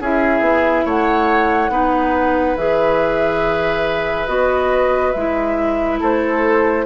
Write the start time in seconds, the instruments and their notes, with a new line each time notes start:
0.00 bassoon C#4, clarinet E4, oboe G#4, flute E5
0.40 bassoon B3
0.85 bassoon A3, oboe C#5, flute F#5
1.69 bassoon B3, clarinet D#4, oboe B4
2.56 bassoon E3, clarinet G#4, flute E5
4.27 bassoon B3, clarinet F#4, flute D#5
5.11 bassoon G#3, clarinet E4, flute E5
5.99 bassoon A3, oboe A4, flute C5